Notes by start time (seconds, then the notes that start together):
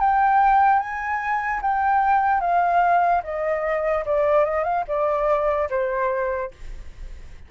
0.00 G5
0.80 G#5
1.62 G5
2.41 F5
3.24 D#5
4.06 D5
4.45 D#5
4.64 F5
4.88 D5
5.70 C5